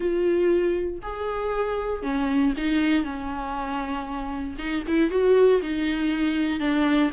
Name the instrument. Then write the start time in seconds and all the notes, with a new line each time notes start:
viola
0.00 F4
1.02 G#4
2.02 C#4
2.57 D#4
3.03 C#4
4.58 D#4
4.87 E4
5.10 F#4
5.62 D#4
6.60 D4